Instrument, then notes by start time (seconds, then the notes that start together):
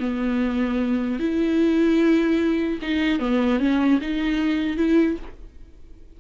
viola
0.00 B3
1.20 E4
2.82 D#4
3.19 B3
3.59 C#4
4.01 D#4
4.77 E4